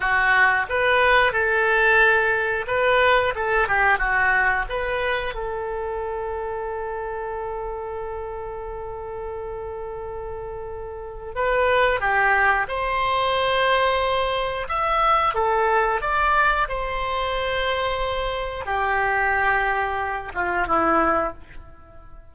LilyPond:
\new Staff \with { instrumentName = "oboe" } { \time 4/4 \tempo 4 = 90 fis'4 b'4 a'2 | b'4 a'8 g'8 fis'4 b'4 | a'1~ | a'1~ |
a'4 b'4 g'4 c''4~ | c''2 e''4 a'4 | d''4 c''2. | g'2~ g'8 f'8 e'4 | }